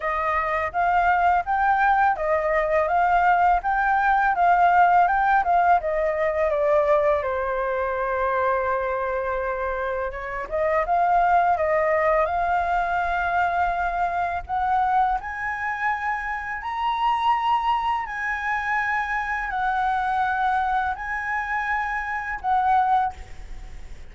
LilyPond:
\new Staff \with { instrumentName = "flute" } { \time 4/4 \tempo 4 = 83 dis''4 f''4 g''4 dis''4 | f''4 g''4 f''4 g''8 f''8 | dis''4 d''4 c''2~ | c''2 cis''8 dis''8 f''4 |
dis''4 f''2. | fis''4 gis''2 ais''4~ | ais''4 gis''2 fis''4~ | fis''4 gis''2 fis''4 | }